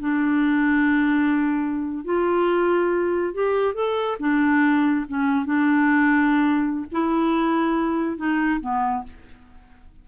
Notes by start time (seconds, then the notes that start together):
0.00 D4
2.05 F4
3.34 G4
3.74 A4
4.19 D4
5.08 C#4
5.45 D4
6.92 E4
8.17 D#4
8.61 B3